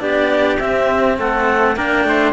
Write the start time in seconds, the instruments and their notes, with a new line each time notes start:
0.00 cello B3 D4, trumpet G4, clarinet D5
0.59 cello C4, clarinet E5
1.19 cello A3, trumpet A4, clarinet F#5
1.76 cello A#3 D4, trumpet A#4, clarinet G5
2.05 cello A3, trumpet C5